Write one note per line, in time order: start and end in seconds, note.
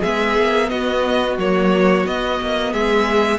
0.00 0.37 G#3
0.00 1.39 B3
0.00 0.67 G#4
0.00 0.69 E5
0.37 0.71 A#3
0.69 1.37 B3
0.69 2.72 F#4
0.69 1.36 D#5
1.37 2.05 F#3
1.37 2.06 A#3
1.37 2.06 C#5
2.06 3.38 B3
2.06 2.40 B3
2.06 2.72 D#5
2.41 2.73 A#3
2.72 3.38 G#3
2.72 3.38 G#4
2.72 3.38 E5